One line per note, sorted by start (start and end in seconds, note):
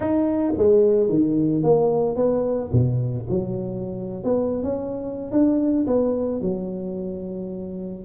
0.00 0.53 D#4
0.57 1.09 G#3
1.09 1.63 D#3
1.63 2.16 A#3
2.16 2.70 B3
2.72 3.27 B2
3.29 4.24 F#3
4.24 4.63 B3
4.63 5.31 C#4
5.31 5.86 D4
5.87 6.41 B3
6.41 8.04 F#3